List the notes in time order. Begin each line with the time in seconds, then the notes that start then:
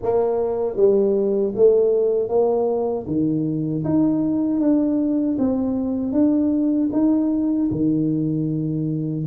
0.02 A#3
0.76 G3
1.55 A3
2.29 A#3
3.06 D#3
3.84 D#4
4.60 D4
5.38 C4
6.12 D4
6.92 D#4
7.71 D#3